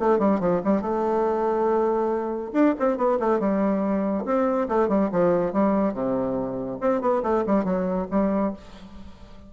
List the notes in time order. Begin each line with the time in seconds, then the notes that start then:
0.00 A3
0.19 G3
0.40 F3
0.65 G3
0.82 A3
2.53 D4
2.79 C4
2.97 B3
3.20 A3
3.40 G3
4.26 C4
4.69 A3
4.89 G3
5.12 F3
5.53 G3
5.94 C3
6.81 C4
7.01 B3
7.23 A3
7.47 G3
7.65 F#3
8.11 G3